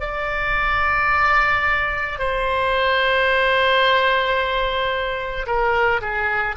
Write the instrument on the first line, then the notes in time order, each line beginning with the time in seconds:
oboe
0.00 D5
2.18 C5
5.46 A#4
6.01 G#4